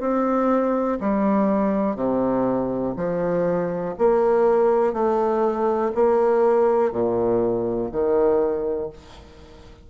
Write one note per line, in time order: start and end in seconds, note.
0.00 0.98 C4
1.01 1.96 G3
1.96 2.94 C3
2.96 3.95 F3
3.98 4.93 A#3
4.93 5.92 A3
5.95 6.92 A#3
6.92 7.90 A#2
7.91 8.90 D#3